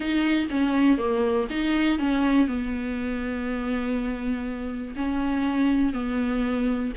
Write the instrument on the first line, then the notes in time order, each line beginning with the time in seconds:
viola
0.00 D#4
0.50 C#4
0.98 A#3
1.49 D#4
1.98 C#4
2.47 B3
4.96 C#4
5.93 B3